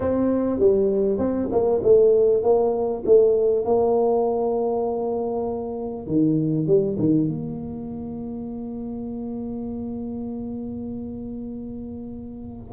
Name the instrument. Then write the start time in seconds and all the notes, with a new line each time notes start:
tuba
0.00 C4
0.59 G3
1.18 C4
1.51 A#3
1.83 A3
2.42 A#3
3.05 A3
3.64 A#3
6.07 D#3
6.66 G3
6.99 D#3
7.28 A#3